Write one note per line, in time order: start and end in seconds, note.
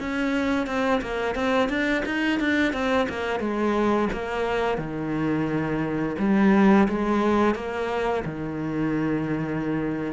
0.00 0.67 C#4
0.67 1.01 C4
1.02 1.35 A#3
1.35 1.69 C4
1.69 2.04 D4
2.06 2.40 D#4
2.40 2.73 D4
2.73 3.08 C4
3.09 3.40 A#3
3.40 4.09 G#3
4.13 4.78 A#3
4.78 6.16 D#3
6.19 6.88 G3
6.89 7.55 G#3
7.55 8.24 A#3
8.25 10.13 D#3